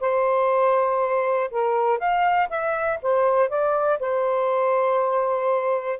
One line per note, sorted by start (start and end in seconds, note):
0.00 1.50 C5
1.51 1.99 A#4
1.99 2.49 F5
2.49 2.99 E5
3.02 3.49 C5
3.49 3.99 D5
3.99 5.99 C5